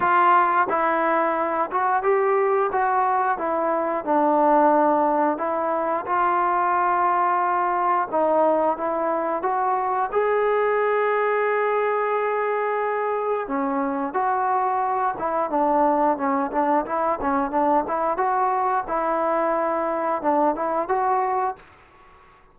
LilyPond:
\new Staff \with { instrumentName = "trombone" } { \time 4/4 \tempo 4 = 89 f'4 e'4. fis'8 g'4 | fis'4 e'4 d'2 | e'4 f'2. | dis'4 e'4 fis'4 gis'4~ |
gis'1 | cis'4 fis'4. e'8 d'4 | cis'8 d'8 e'8 cis'8 d'8 e'8 fis'4 | e'2 d'8 e'8 fis'4 | }